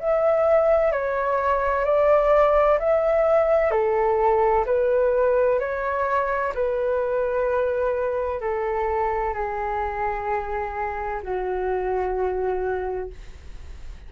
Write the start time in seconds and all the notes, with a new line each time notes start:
0.00 E5
0.92 C#5
1.85 D5
2.80 E5
3.72 A4
4.66 B4
5.60 C#5
6.55 B4
8.41 A4
9.35 G#4
11.23 F#4